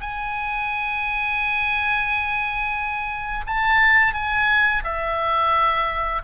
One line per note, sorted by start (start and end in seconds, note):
0.00 3.45 G#5
3.46 4.14 A5
4.14 4.83 G#5
4.84 6.22 E5